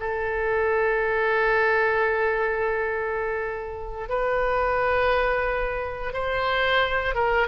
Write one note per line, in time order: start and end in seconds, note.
0.00 4.09 A4
4.09 6.13 B4
6.13 7.15 C5
7.15 7.48 A#4